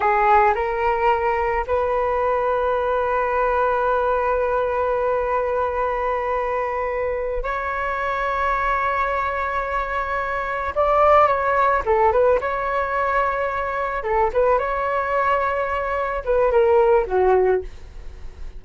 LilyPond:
\new Staff \with { instrumentName = "flute" } { \time 4/4 \tempo 4 = 109 gis'4 ais'2 b'4~ | b'1~ | b'1~ | b'4. cis''2~ cis''8~ |
cis''2.~ cis''8 d''8~ | d''8 cis''4 a'8 b'8 cis''4.~ | cis''4. a'8 b'8 cis''4.~ | cis''4. b'8 ais'4 fis'4 | }